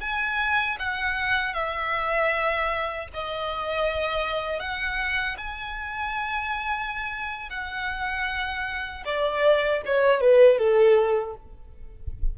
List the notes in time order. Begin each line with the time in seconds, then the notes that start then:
0.00 G#5
0.79 F#5
1.53 E5
3.13 D#5
4.59 F#5
5.37 G#5
7.50 F#5
9.05 D5
9.85 C#5
10.20 B4
10.58 A4